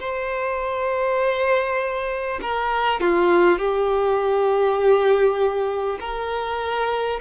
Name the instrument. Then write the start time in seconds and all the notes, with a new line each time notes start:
violin
0.00 C5
2.41 A#4
3.01 F4
3.58 G4
6.00 A#4